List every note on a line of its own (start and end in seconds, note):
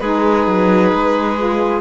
0.00 0.47 G#3
0.00 1.38 D#4
0.00 1.82 G#4
0.00 1.82 B4
0.47 0.93 F#3
0.93 1.82 G#3
1.38 1.82 F4